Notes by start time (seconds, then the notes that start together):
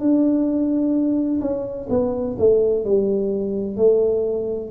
0.00 D4
1.41 C#4
1.90 B3
2.39 A3
2.85 G3
3.77 A3